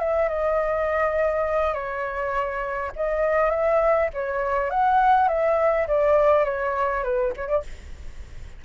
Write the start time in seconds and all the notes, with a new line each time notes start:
0.00 E5
0.29 D#5
1.74 C#5
2.96 D#5
3.51 E5
4.14 C#5
4.70 F#5
5.29 E5
5.88 D5
6.45 C#5
7.04 B4
7.37 C#5
7.48 D5